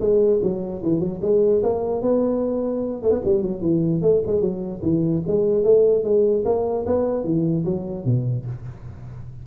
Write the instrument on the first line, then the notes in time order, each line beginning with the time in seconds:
tuba
0.00 G#3
0.42 F#3
0.83 E3
1.00 F#3
1.22 G#3
1.63 A#3
2.02 B3
3.02 A3
3.11 B3
3.25 G3
3.42 F#3
3.61 E3
4.02 A3
4.26 G#3
4.41 F#3
4.82 E3
5.27 G#3
5.64 A3
6.04 G#3
6.45 A#3
6.86 B3
7.24 E3
7.65 F#3
8.05 B2